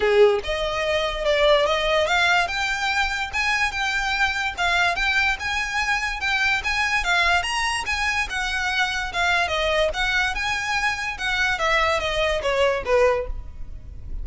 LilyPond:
\new Staff \with { instrumentName = "violin" } { \time 4/4 \tempo 4 = 145 gis'4 dis''2 d''4 | dis''4 f''4 g''2 | gis''4 g''2 f''4 | g''4 gis''2 g''4 |
gis''4 f''4 ais''4 gis''4 | fis''2 f''4 dis''4 | fis''4 gis''2 fis''4 | e''4 dis''4 cis''4 b'4 | }